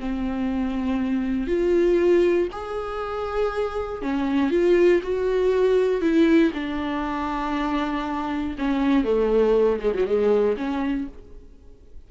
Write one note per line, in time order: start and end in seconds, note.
0.00 1.48 C4
1.48 2.48 F4
2.53 4.02 G#4
4.02 4.51 C#4
4.51 5.01 F4
5.03 6.02 F#4
6.02 6.52 E4
6.55 8.56 D4
8.59 9.05 C#4
9.05 9.80 A3
9.81 9.94 G#3
9.95 10.07 F#3
10.07 10.57 G#3
10.58 11.08 C#4